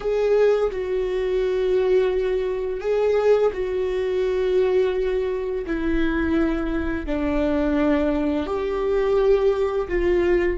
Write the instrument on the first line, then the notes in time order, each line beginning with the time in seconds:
viola
0.00 G#4
0.71 F#4
2.80 G#4
3.53 F#4
5.66 E4
7.06 D4
8.46 G4
9.88 F4